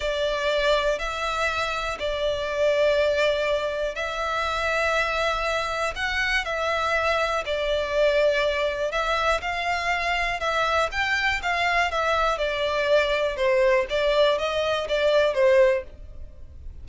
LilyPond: \new Staff \with { instrumentName = "violin" } { \time 4/4 \tempo 4 = 121 d''2 e''2 | d''1 | e''1 | fis''4 e''2 d''4~ |
d''2 e''4 f''4~ | f''4 e''4 g''4 f''4 | e''4 d''2 c''4 | d''4 dis''4 d''4 c''4 | }